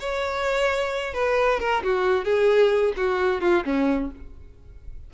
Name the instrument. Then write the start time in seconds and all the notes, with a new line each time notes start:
violin
0.00 C#5
1.14 B4
1.60 A#4
1.84 F#4
2.25 G#4
2.97 F#4
3.41 F4
3.65 C#4